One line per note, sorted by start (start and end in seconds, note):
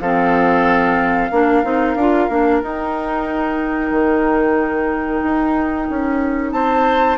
0.00 1.30 F3
0.00 1.32 C4
0.00 1.31 A4
0.00 2.61 F5
1.31 1.63 A#3
1.31 1.64 D4
1.31 6.53 A#4
1.64 1.96 C4
1.64 1.96 D#4
1.96 2.28 D4
1.96 2.30 F4
2.29 2.62 A#3
2.29 2.62 D4
2.61 7.18 D#4
2.61 3.90 D#4
2.61 6.52 G5
3.90 5.21 D#3
5.23 5.88 D#4
5.90 6.52 C#4
6.52 7.18 C4
6.52 7.18 C5
6.52 7.17 A5